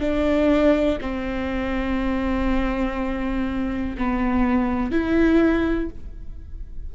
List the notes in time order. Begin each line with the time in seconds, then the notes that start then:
0.00 D4
1.01 C4
3.98 B3
4.91 E4